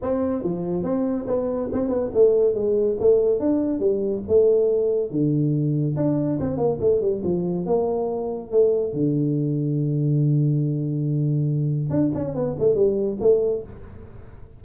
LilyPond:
\new Staff \with { instrumentName = "tuba" } { \time 4/4 \tempo 4 = 141 c'4 f4 c'4 b4 | c'8 b8 a4 gis4 a4 | d'4 g4 a2 | d2 d'4 c'8 ais8 |
a8 g8 f4 ais2 | a4 d2.~ | d1 | d'8 cis'8 b8 a8 g4 a4 | }